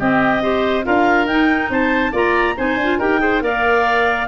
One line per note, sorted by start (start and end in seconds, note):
0.00 0.43 C4
0.00 0.87 C4
0.00 0.43 G4
0.00 0.86 D#5
0.43 0.84 G4
0.43 0.86 C5
0.84 1.26 D4
0.84 1.27 F4
0.84 1.72 A#4
0.84 1.27 F5
1.26 1.69 D#4
1.26 2.12 D#4
1.26 1.70 G5
1.70 2.13 C4
1.70 2.12 C5
1.70 2.15 A5
2.12 2.56 A#3
2.12 2.55 F4
2.12 2.55 D5
2.12 2.58 A#5
2.57 2.77 C4
2.57 2.79 D#4
2.57 2.99 C5
2.57 3.00 G#5
2.77 2.98 D4
2.84 3.01 F4
2.99 3.42 D#4
2.99 3.20 G4
2.99 3.21 A#4
2.99 3.43 G5
3.20 3.41 G#4
3.20 3.44 C5
3.42 4.28 A#3
3.42 4.27 A#4
3.42 4.28 D5
3.42 4.28 F5